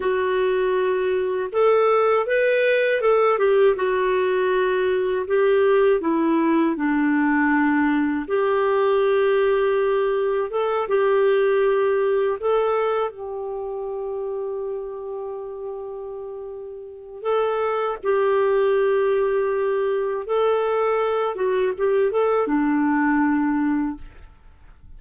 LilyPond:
\new Staff \with { instrumentName = "clarinet" } { \time 4/4 \tempo 4 = 80 fis'2 a'4 b'4 | a'8 g'8 fis'2 g'4 | e'4 d'2 g'4~ | g'2 a'8 g'4.~ |
g'8 a'4 g'2~ g'8~ | g'2. a'4 | g'2. a'4~ | a'8 fis'8 g'8 a'8 d'2 | }